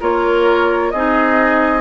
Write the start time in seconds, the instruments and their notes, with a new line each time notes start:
0.00 bassoon A#3, clarinet F4, oboe A#4, flute C#5
0.91 bassoon C4, clarinet D#4, oboe G#4, flute D#5